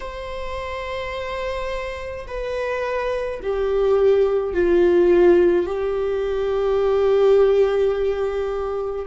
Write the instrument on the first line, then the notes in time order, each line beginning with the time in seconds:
viola
0.00 C5
2.27 B4
3.42 G4
4.53 F4
5.66 G4